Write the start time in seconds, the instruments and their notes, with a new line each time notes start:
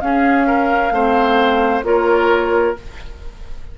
0.00 bassoon C#4, clarinet C#4, oboe G#4, flute F5
0.47 oboe A#4
0.91 bassoon A3, clarinet C4, oboe C5
1.82 bassoon A#3, clarinet F4, oboe A#4, flute C#5